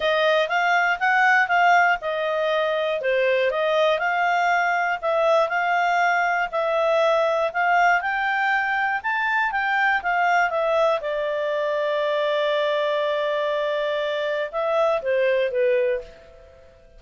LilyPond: \new Staff \with { instrumentName = "clarinet" } { \time 4/4 \tempo 4 = 120 dis''4 f''4 fis''4 f''4 | dis''2 c''4 dis''4 | f''2 e''4 f''4~ | f''4 e''2 f''4 |
g''2 a''4 g''4 | f''4 e''4 d''2~ | d''1~ | d''4 e''4 c''4 b'4 | }